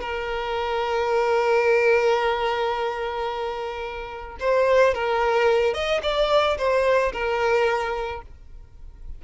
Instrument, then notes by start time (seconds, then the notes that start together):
violin
0.00 A#4
4.39 C5
4.94 A#4
5.73 D#5
6.02 D5
6.57 C5
7.12 A#4